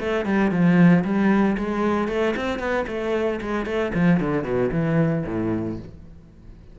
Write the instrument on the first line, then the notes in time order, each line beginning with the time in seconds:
cello
0.00 A3
0.26 G3
0.51 F3
1.05 G3
1.58 G#3
2.09 A3
2.37 C4
2.59 B3
2.88 A3
3.41 G#3
3.66 A3
3.95 F3
4.21 D3
4.44 B2
4.72 E3
5.27 A2